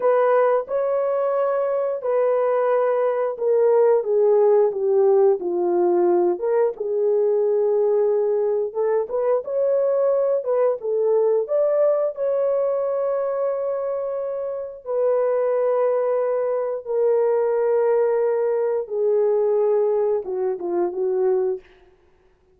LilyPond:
\new Staff \with { instrumentName = "horn" } { \time 4/4 \tempo 4 = 89 b'4 cis''2 b'4~ | b'4 ais'4 gis'4 g'4 | f'4. ais'8 gis'2~ | gis'4 a'8 b'8 cis''4. b'8 |
a'4 d''4 cis''2~ | cis''2 b'2~ | b'4 ais'2. | gis'2 fis'8 f'8 fis'4 | }